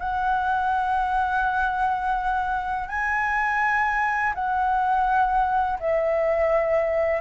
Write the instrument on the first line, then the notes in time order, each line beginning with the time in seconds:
flute
0.00 F#5
2.89 G#5
4.35 F#5
5.80 E5